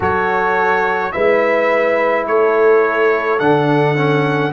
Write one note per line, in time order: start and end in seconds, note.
0.00 1.13 F#3
0.00 1.13 F#4
0.00 1.13 A4
0.00 1.12 C#5
1.12 2.27 G#3
1.12 3.39 E4
1.12 2.27 B4
1.12 2.25 E5
2.27 3.40 A3
2.27 4.52 A4
2.27 3.39 C#5
3.39 4.52 D3
3.39 3.95 D4
3.39 4.52 F#5
3.95 4.52 C#4